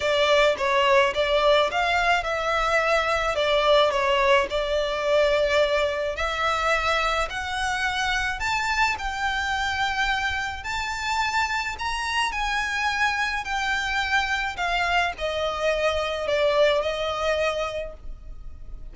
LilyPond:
\new Staff \with { instrumentName = "violin" } { \time 4/4 \tempo 4 = 107 d''4 cis''4 d''4 f''4 | e''2 d''4 cis''4 | d''2. e''4~ | e''4 fis''2 a''4 |
g''2. a''4~ | a''4 ais''4 gis''2 | g''2 f''4 dis''4~ | dis''4 d''4 dis''2 | }